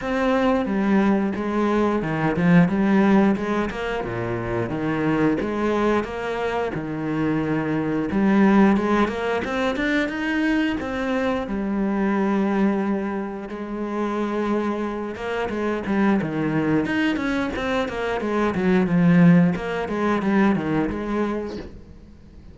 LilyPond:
\new Staff \with { instrumentName = "cello" } { \time 4/4 \tempo 4 = 89 c'4 g4 gis4 dis8 f8 | g4 gis8 ais8 ais,4 dis4 | gis4 ais4 dis2 | g4 gis8 ais8 c'8 d'8 dis'4 |
c'4 g2. | gis2~ gis8 ais8 gis8 g8 | dis4 dis'8 cis'8 c'8 ais8 gis8 fis8 | f4 ais8 gis8 g8 dis8 gis4 | }